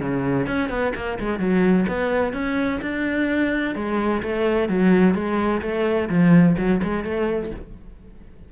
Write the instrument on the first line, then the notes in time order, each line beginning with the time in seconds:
cello
0.00 C#3
0.47 C#4
0.69 B3
0.95 A#3
1.20 G#3
1.39 F#3
1.88 B3
2.33 C#4
2.82 D4
3.75 G#3
4.23 A3
4.69 F#3
5.14 G#3
5.62 A3
6.09 F3
6.58 F#3
6.83 G#3
7.04 A3